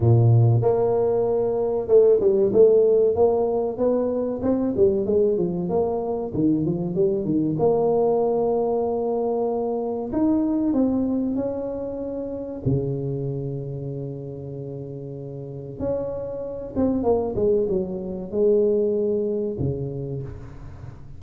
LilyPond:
\new Staff \with { instrumentName = "tuba" } { \time 4/4 \tempo 4 = 95 ais,4 ais2 a8 g8 | a4 ais4 b4 c'8 g8 | gis8 f8 ais4 dis8 f8 g8 dis8 | ais1 |
dis'4 c'4 cis'2 | cis1~ | cis4 cis'4. c'8 ais8 gis8 | fis4 gis2 cis4 | }